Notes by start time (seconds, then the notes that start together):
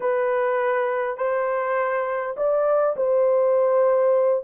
0.00 B4
1.17 C5
2.36 D5
2.96 C5